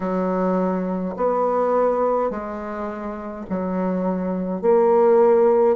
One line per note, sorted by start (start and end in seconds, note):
0.00 1.15 F#3
1.16 2.30 B3
2.30 3.45 G#3
3.49 4.61 F#3
4.61 5.76 A#3